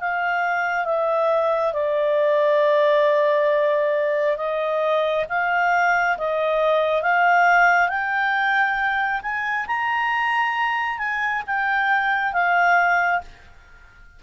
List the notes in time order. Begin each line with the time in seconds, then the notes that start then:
0.00 F5
0.85 E5
1.73 D5
4.37 D#5
5.29 F5
6.18 D#5
7.03 F5
7.89 G5
9.22 G#5
9.67 A#5
10.99 G#5
11.47 G5
12.33 F5